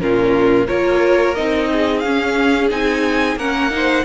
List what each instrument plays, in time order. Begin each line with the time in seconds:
0.00 cello A#2, viola C#4, violin F4 A#4
0.68 cello A#3, viola F4, violin A#4 C#5
1.35 cello C4, viola D#4, violin D#5
1.72 violin G#4
2.00 cello C#4, violin F5
2.06 viola C#4
2.70 cello C4, viola D#4, violin G#5
3.36 cello A#3, viola C#4, violin A#4 F#5
3.71 viola D#4, violin C5